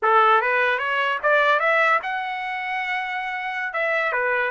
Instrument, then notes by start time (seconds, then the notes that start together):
trumpet
0.02 A4
0.41 B4
0.78 C#5
1.22 D5
1.59 E5
2.02 F#5
3.73 E5
4.12 B4